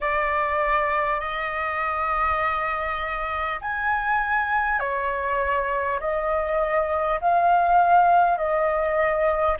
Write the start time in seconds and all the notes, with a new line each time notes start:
0.00 D5
1.19 D#5
3.61 G#5
4.79 C#5
6.00 D#5
7.20 F5
8.37 D#5